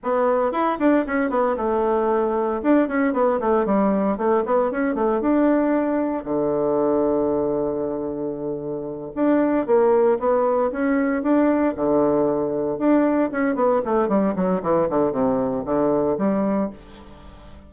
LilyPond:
\new Staff \with { instrumentName = "bassoon" } { \time 4/4 \tempo 4 = 115 b4 e'8 d'8 cis'8 b8 a4~ | a4 d'8 cis'8 b8 a8 g4 | a8 b8 cis'8 a8 d'2 | d1~ |
d4. d'4 ais4 b8~ | b8 cis'4 d'4 d4.~ | d8 d'4 cis'8 b8 a8 g8 fis8 | e8 d8 c4 d4 g4 | }